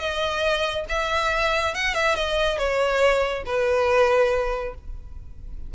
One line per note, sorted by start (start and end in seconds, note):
0.00 0.86 D#5
0.89 1.75 E5
1.75 1.95 F#5
1.95 2.16 E5
2.16 2.59 D#5
2.59 3.44 C#5
3.46 4.75 B4